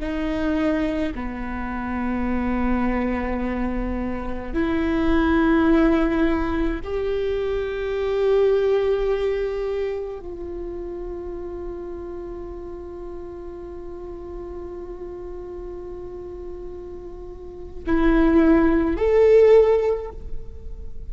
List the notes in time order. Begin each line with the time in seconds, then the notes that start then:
0.00 D#4
1.15 B3
4.54 E4
6.83 G4
10.20 F4
17.86 E4
18.97 A4